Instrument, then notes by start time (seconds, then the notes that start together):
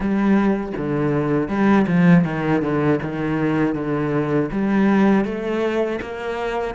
cello
0.00 G3
0.77 D3
1.48 G3
1.87 F3
2.24 D#3
2.61 D3
3.02 D#3
3.75 D3
4.51 G3
5.24 A3
6.01 A#3